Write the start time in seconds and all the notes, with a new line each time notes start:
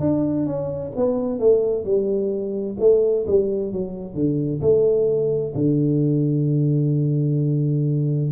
0.00 D4
0.46 C#4
0.96 B3
1.39 A3
1.84 G3
2.79 A3
3.26 G3
3.72 F#3
4.14 D3
4.61 A3
5.55 D3